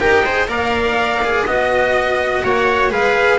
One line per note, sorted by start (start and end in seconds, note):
0.00 0.47 D#4
0.00 0.25 G4
0.00 0.25 A#4
0.00 0.48 G5
0.25 0.49 G#4
0.25 0.49 C5
0.47 1.44 A#3
0.47 1.21 A#4
0.47 1.47 D5
0.47 1.47 F5
1.25 1.48 G#4
1.46 2.43 B3
1.46 2.90 F#4
1.46 2.43 D#5
1.46 2.44 D#5
2.44 2.91 A#3
2.44 2.91 C#5
2.44 2.92 F#5
2.90 3.39 G#3
2.90 3.39 G#4
2.90 3.39 B4
2.90 3.39 F5